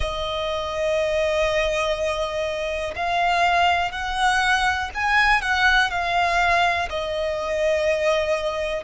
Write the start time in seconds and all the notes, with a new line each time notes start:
0.00 D#5
2.95 F5
3.91 F#5
4.94 G#5
5.41 F#5
5.90 F5
6.89 D#5